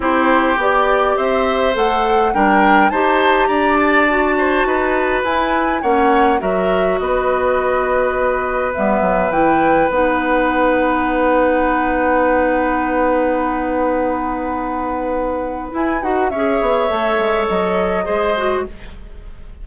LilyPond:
<<
  \new Staff \with { instrumentName = "flute" } { \time 4/4 \tempo 4 = 103 c''4 d''4 e''4 fis''4 | g''4 a''4 ais''8 a''4.~ | a''4 gis''4 fis''4 e''4 | dis''2. e''4 |
g''4 fis''2.~ | fis''1~ | fis''2. gis''8 fis''8 | e''2 dis''2 | }
  \new Staff \with { instrumentName = "oboe" } { \time 4/4 g'2 c''2 | ais'4 c''4 d''4. c''8 | b'2 cis''4 ais'4 | b'1~ |
b'1~ | b'1~ | b'1 | cis''2. c''4 | }
  \new Staff \with { instrumentName = "clarinet" } { \time 4/4 e'4 g'2 a'4 | d'4 g'2 fis'4~ | fis'4 e'4 cis'4 fis'4~ | fis'2. b4 |
e'4 dis'2.~ | dis'1~ | dis'2. e'8 fis'8 | gis'4 a'2 gis'8 fis'8 | }
  \new Staff \with { instrumentName = "bassoon" } { \time 4/4 c'4 b4 c'4 a4 | g4 dis'4 d'2 | dis'4 e'4 ais4 fis4 | b2. g8 fis8 |
e4 b2.~ | b1~ | b2. e'8 dis'8 | cis'8 b8 a8 gis8 fis4 gis4 | }
>>